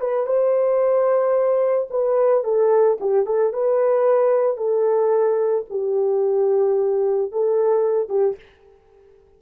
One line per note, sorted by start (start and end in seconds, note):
0.00 0.26 B4
0.26 1.88 C5
1.90 2.43 B4
2.43 2.97 A4
3.00 3.26 G4
3.26 3.53 A4
3.53 4.57 B4
4.57 5.65 A4
5.70 7.31 G4
7.31 8.09 A4
8.09 8.36 G4